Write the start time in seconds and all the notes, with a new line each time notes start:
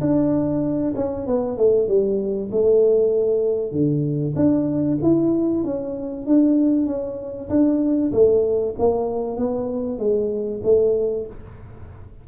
0.00 D4
0.95 C#4
1.26 B3
1.57 A3
1.88 G3
2.51 A3
3.72 D3
4.35 D4
5.02 E4
5.64 C#4
6.26 D4
6.86 C#4
7.49 D4
8.12 A3
8.78 A#3
9.37 B3
9.98 G#3
10.63 A3